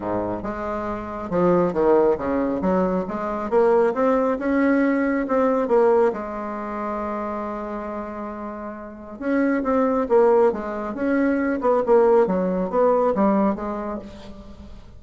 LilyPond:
\new Staff \with { instrumentName = "bassoon" } { \time 4/4 \tempo 4 = 137 gis,4 gis2 f4 | dis4 cis4 fis4 gis4 | ais4 c'4 cis'2 | c'4 ais4 gis2~ |
gis1~ | gis4 cis'4 c'4 ais4 | gis4 cis'4. b8 ais4 | fis4 b4 g4 gis4 | }